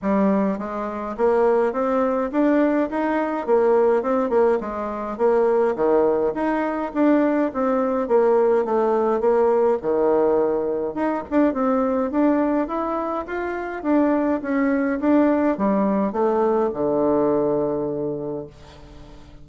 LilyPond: \new Staff \with { instrumentName = "bassoon" } { \time 4/4 \tempo 4 = 104 g4 gis4 ais4 c'4 | d'4 dis'4 ais4 c'8 ais8 | gis4 ais4 dis4 dis'4 | d'4 c'4 ais4 a4 |
ais4 dis2 dis'8 d'8 | c'4 d'4 e'4 f'4 | d'4 cis'4 d'4 g4 | a4 d2. | }